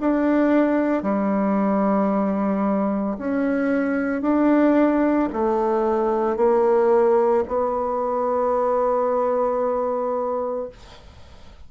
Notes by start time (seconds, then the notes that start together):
0.00 D4
1.03 G3
3.18 C#4
4.22 D4
5.33 A3
6.37 A#3
7.48 B3